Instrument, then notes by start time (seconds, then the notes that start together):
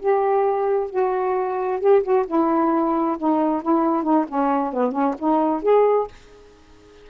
saxophone
0.00 G4
0.90 F#4
1.80 G4
2.03 F#4
2.27 E4
3.18 D#4
3.62 E4
4.03 D#4
4.28 C#4
4.73 B3
4.92 C#4
5.19 D#4
5.63 G#4